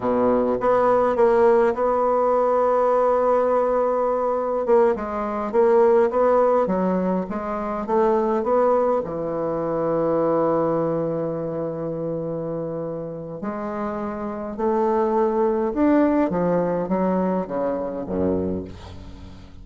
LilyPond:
\new Staff \with { instrumentName = "bassoon" } { \time 4/4 \tempo 4 = 103 b,4 b4 ais4 b4~ | b1 | ais8 gis4 ais4 b4 fis8~ | fis8 gis4 a4 b4 e8~ |
e1~ | e2. gis4~ | gis4 a2 d'4 | f4 fis4 cis4 fis,4 | }